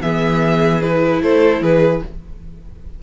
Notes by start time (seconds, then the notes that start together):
0.00 E3 B3 G#4 E5
0.81 E4 B4
1.21 A3 A4 C5
1.61 E3 G#4 B4